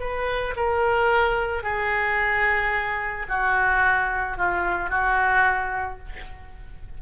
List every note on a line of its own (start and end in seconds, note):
0.00 0.55 B4
0.57 1.63 A#4
1.63 3.27 G#4
3.29 4.38 F#4
4.38 4.90 F4
4.90 5.99 F#4